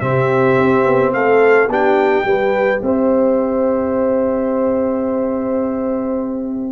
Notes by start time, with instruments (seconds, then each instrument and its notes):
0.00 tuba C3, trombone C4, horn G4, trumpet E5
0.57 tuba C4
0.86 tuba B3
1.13 tuba A3, horn A4, trumpet F5
1.67 tuba B3, trombone D4, horn G4, trumpet G5
2.24 tuba G3, trombone G4, horn B4
2.82 tuba C4, horn C5, trumpet E5